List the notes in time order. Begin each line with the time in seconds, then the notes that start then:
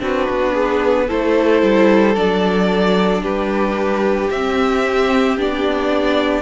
0.00 C4 D4 F#4 B4
0.30 B3
0.54 G#4
1.08 A3 E4 A4 C5
1.62 G3
2.16 F#3 D4 D5
3.22 G3 G4 B4
4.31 C4 E5
5.38 B3 D4 D5